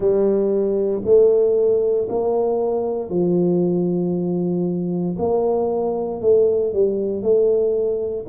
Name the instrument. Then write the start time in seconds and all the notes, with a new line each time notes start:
tuba
0.00 G3
1.04 A3
2.09 A#3
3.09 F3
5.18 A#3
6.21 A3
6.73 G3
7.22 A3